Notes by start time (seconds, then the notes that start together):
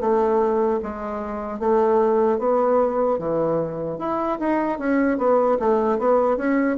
0.00 A3
0.83 G#3
1.59 A3
2.39 B3
3.18 E3
3.99 E4
4.39 D#4
4.79 C#4
5.18 B3
5.59 A3
5.99 B3
6.37 C#4